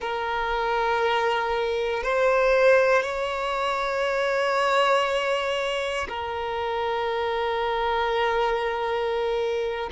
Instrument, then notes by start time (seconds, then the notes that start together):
violin
0.00 A#4
2.03 C5
3.02 C#5
6.08 A#4